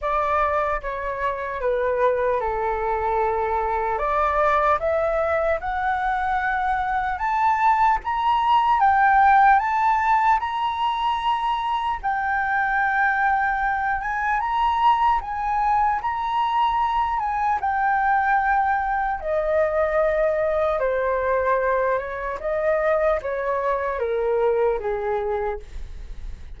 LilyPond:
\new Staff \with { instrumentName = "flute" } { \time 4/4 \tempo 4 = 75 d''4 cis''4 b'4 a'4~ | a'4 d''4 e''4 fis''4~ | fis''4 a''4 ais''4 g''4 | a''4 ais''2 g''4~ |
g''4. gis''8 ais''4 gis''4 | ais''4. gis''8 g''2 | dis''2 c''4. cis''8 | dis''4 cis''4 ais'4 gis'4 | }